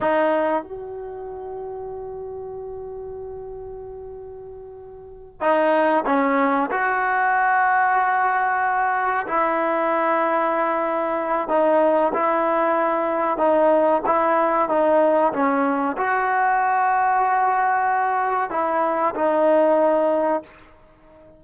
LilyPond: \new Staff \with { instrumentName = "trombone" } { \time 4/4 \tempo 4 = 94 dis'4 fis'2.~ | fis'1~ | fis'8 dis'4 cis'4 fis'4.~ | fis'2~ fis'8 e'4.~ |
e'2 dis'4 e'4~ | e'4 dis'4 e'4 dis'4 | cis'4 fis'2.~ | fis'4 e'4 dis'2 | }